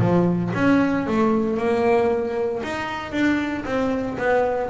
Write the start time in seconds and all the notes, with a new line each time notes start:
0.00 F3
0.55 C#4
1.07 A3
1.57 A#3
2.63 D#4
3.12 D4
3.65 C4
4.18 B3